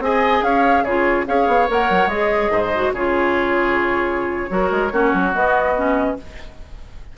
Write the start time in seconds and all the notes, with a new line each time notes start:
0.00 C4 G#4 D#5 G#5
0.42 C#4 C#5 F5
0.84 C#3 F4 G#4 C#5
1.27 C#4 G#4 C#5 F5
1.48 B3
1.68 A#3 A#4 F#5
1.90 F#3
2.07 G#3 G#4 D#5
2.51 G#2 C5
2.75 F#4
2.93 C#3 F4 G#4 C#5
4.49 F#3 F#4 A#4
4.71 G#3
4.91 A#3 C#4 F#4
5.14 F#3
5.34 B3 D#5
5.76 C#4